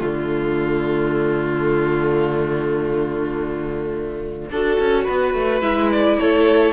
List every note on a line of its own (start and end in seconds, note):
0.00 4.50 D3
0.00 4.50 A3
0.00 4.49 F4
0.00 5.61 D5
4.50 4.78 D4
4.50 5.62 F#4
4.50 5.05 A4
4.80 5.08 C#4
5.05 5.34 B3
5.05 6.17 B4
5.34 5.61 A3
5.61 6.18 G#3
5.61 6.73 E4
5.61 5.90 E5
5.92 6.19 D5
6.19 6.73 A3
6.19 6.73 A4
6.19 6.73 C#5